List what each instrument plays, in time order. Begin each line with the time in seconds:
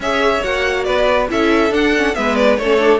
0.00 cello C#4, viola G#4, violin C#5 E5
0.42 cello A#3, viola F#4, violin F#5
0.84 cello B3, violin B4 D5
1.28 cello C#4, viola E4, violin A4 E5
1.70 cello D4, viola D4, violin F#5
1.96 viola C#4
2.14 cello G#3, viola B3, violin B4 E5
2.35 violin D5
2.57 cello A3, viola C#4, violin A4 C#5
2.79 viola D4